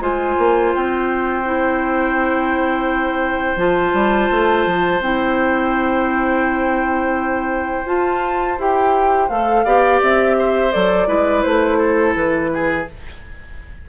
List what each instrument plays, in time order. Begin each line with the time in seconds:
0.00 bassoon G#3, clarinet F4, oboe C5, flute G#5
0.38 bassoon A#3
0.75 bassoon C4, flute G5
1.45 clarinet E4
3.56 bassoon F3, clarinet F4, flute A5
3.93 bassoon G3
4.31 bassoon A3
4.66 bassoon F3
5.00 bassoon C4, clarinet E4, flute G5
7.86 bassoon F4, clarinet F4, flute A5
8.58 bassoon E4, clarinet G4, flute G5
9.29 bassoon A3, clarinet A4, flute F5
9.64 bassoon B3, clarinet G4, oboe D5
10.02 bassoon C4, flute E5
10.38 oboe C5
10.72 bassoon F#3, clarinet A4, flute D5
11.07 bassoon G#3, clarinet E4, oboe B4
11.43 bassoon A3, flute C5
11.78 oboe A4
12.15 bassoon E3, flute B4
12.53 oboe G#4